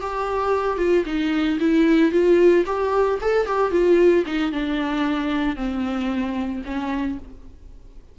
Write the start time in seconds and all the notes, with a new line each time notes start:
0.00 G4
0.77 F4
1.05 D#4
1.59 E4
2.11 F4
2.66 G4
3.21 A4
3.46 G4
3.71 F4
4.26 D#4
4.52 D4
5.56 C4
6.65 C#4